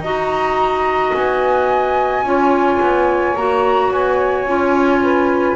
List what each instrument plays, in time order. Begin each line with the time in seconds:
0.00 double bass D#4, clarinet F#4, saxophone D#5, flute A#5
1.14 double bass B3, flute G#5
2.22 double bass C#4, clarinet F4, saxophone C#5
2.80 double bass B3
3.35 double bass A#3, clarinet F#4, flute A#5
3.91 double bass B3, flute G#5
4.45 double bass C#4, clarinet F4
5.01 saxophone B4